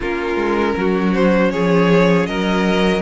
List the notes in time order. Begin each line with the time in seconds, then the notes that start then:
0.00 A#3 C#4 F4 A#4
0.35 G#3
0.77 F#3 F#4
1.13 C5
1.51 F3 G#4 C#5
2.26 F#3 A#4 D#5